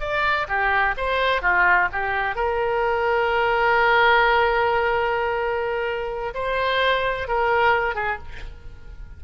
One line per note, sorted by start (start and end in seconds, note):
0.00 0.47 D5
0.48 0.95 G4
0.97 1.42 C5
1.42 1.89 F4
1.92 2.35 G4
2.35 6.34 A#4
6.34 7.28 C5
7.28 7.95 A#4
7.95 8.18 G#4